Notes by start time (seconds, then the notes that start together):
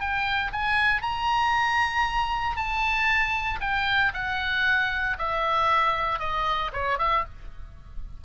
0.00 G5
0.52 G#5
1.02 A#5
2.57 A5
3.61 G5
4.14 F#5
5.19 E5
6.20 D#5
6.73 C#5
6.99 E5